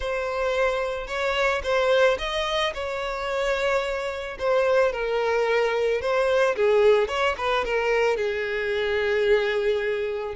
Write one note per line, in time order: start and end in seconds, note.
0.00 1.07 C5
1.07 1.61 C#5
1.63 2.17 C5
2.18 2.73 D#5
2.73 4.37 C#5
4.38 4.92 C5
4.92 6.01 A#4
6.01 6.55 C5
6.56 7.08 G#4
7.08 7.35 C#5
7.37 7.64 B4
7.64 8.16 A#4
8.16 10.34 G#4